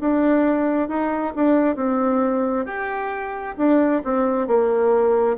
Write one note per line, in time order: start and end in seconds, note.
0.00 0.88 D4
0.88 1.33 D#4
1.35 1.75 D4
1.75 2.65 C4
2.65 3.55 G4
3.57 4.02 D4
4.04 4.47 C4
4.47 5.36 A#3